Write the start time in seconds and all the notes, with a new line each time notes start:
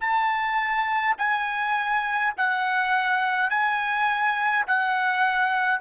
0.00 A5
1.18 G#5
2.37 F#5
3.50 G#5
4.67 F#5